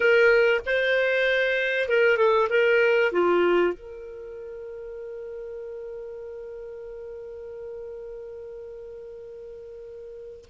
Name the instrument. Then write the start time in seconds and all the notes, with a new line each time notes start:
clarinet
0.00 A#4
0.66 C5
1.88 A#4
2.17 A4
2.49 A#4
3.11 F4
3.73 A#4